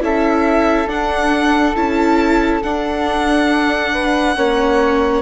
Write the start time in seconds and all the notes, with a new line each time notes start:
0.00 C#4 E4 A4 E5
0.87 D4 F#5
1.75 C#4 E4 A5
2.63 D4 F#5
3.93 B4
4.35 A#3 C#4 C#5